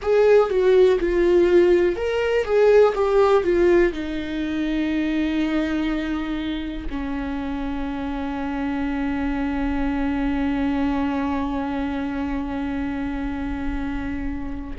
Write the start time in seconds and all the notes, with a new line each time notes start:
0.02 G#4
0.49 F#4
0.99 F4
1.96 A#4
2.44 G#4
2.94 G4
3.43 F4
3.93 D#4
6.89 C#4